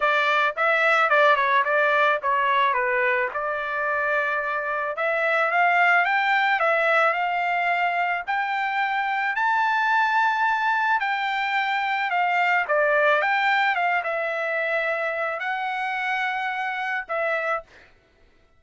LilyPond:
\new Staff \with { instrumentName = "trumpet" } { \time 4/4 \tempo 4 = 109 d''4 e''4 d''8 cis''8 d''4 | cis''4 b'4 d''2~ | d''4 e''4 f''4 g''4 | e''4 f''2 g''4~ |
g''4 a''2. | g''2 f''4 d''4 | g''4 f''8 e''2~ e''8 | fis''2. e''4 | }